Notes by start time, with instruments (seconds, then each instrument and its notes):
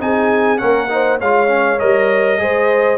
0.00 tuba C4, trombone D#4, horn G#4, trumpet G#5
0.58 tuba A#3, trombone C#4, horn A#4, trumpet F#5
0.89 trombone D#4, horn C5
1.20 tuba G#3, trombone F4, horn C#5, trumpet F5
1.47 trombone C#4
1.79 tuba G3, trombone A#4, trumpet D#5
2.38 tuba G#3, trombone G#4, horn C5